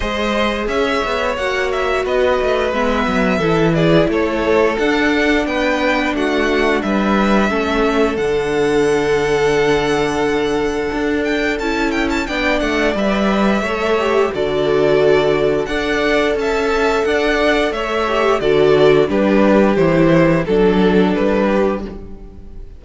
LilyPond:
<<
  \new Staff \with { instrumentName = "violin" } { \time 4/4 \tempo 4 = 88 dis''4 e''4 fis''8 e''8 dis''4 | e''4. d''8 cis''4 fis''4 | g''4 fis''4 e''2 | fis''1~ |
fis''8 g''8 a''8 g''16 a''16 g''8 fis''8 e''4~ | e''4 d''2 fis''4 | a''4 fis''4 e''4 d''4 | b'4 c''4 a'4 b'4 | }
  \new Staff \with { instrumentName = "violin" } { \time 4/4 c''4 cis''2 b'4~ | b'4 a'8 gis'8 a'2 | b'4 fis'4 b'4 a'4~ | a'1~ |
a'2 d''2 | cis''4 a'2 d''4 | e''4 d''4 cis''4 a'4 | g'2 a'4. g'8 | }
  \new Staff \with { instrumentName = "viola" } { \time 4/4 gis'2 fis'2 | b4 e'2 d'4~ | d'2. cis'4 | d'1~ |
d'4 e'4 d'4 b'4 | a'8 g'8 fis'2 a'4~ | a'2~ a'8 g'8 fis'4 | d'4 e'4 d'2 | }
  \new Staff \with { instrumentName = "cello" } { \time 4/4 gis4 cis'8 b8 ais4 b8 a8 | gis8 fis8 e4 a4 d'4 | b4 a4 g4 a4 | d1 |
d'4 cis'4 b8 a8 g4 | a4 d2 d'4 | cis'4 d'4 a4 d4 | g4 e4 fis4 g4 | }
>>